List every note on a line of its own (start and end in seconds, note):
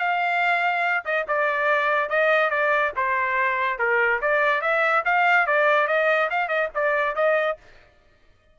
0.00 1.05 F5
1.05 1.26 D#5
1.28 2.10 D5
2.10 2.51 D#5
2.51 2.93 D5
2.97 3.79 C5
3.79 4.21 A#4
4.22 4.62 D5
4.62 5.04 E5
5.06 5.47 F5
5.47 5.88 D5
5.88 6.30 D#5
6.31 6.49 F5
6.49 6.70 D#5
6.75 7.16 D5
7.16 7.58 D#5